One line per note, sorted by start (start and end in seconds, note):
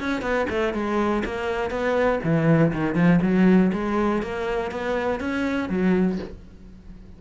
0.00 0.22 C#4
0.22 0.47 B3
0.50 0.74 A3
0.74 1.23 G#3
1.25 1.70 A#3
1.70 2.20 B3
2.24 2.73 E3
2.73 2.95 D#3
2.95 3.20 F3
3.22 3.72 F#3
3.73 4.22 G#3
4.22 4.72 A#3
4.72 5.20 B3
5.20 5.69 C#4
5.69 6.19 F#3